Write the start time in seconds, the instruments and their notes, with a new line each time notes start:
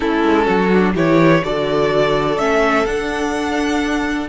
0.00 cello A3, viola C#4, violin E4 A4
0.23 cello G#3
0.45 cello F#3, violin F#4
0.73 viola D4
0.94 cello E3, viola E4, violin G4 C#5
1.42 cello D3, viola F#4, violin A4 D5
2.37 cello A3, viola C#4, violin E5
2.85 cello D4, viola D4, violin F#5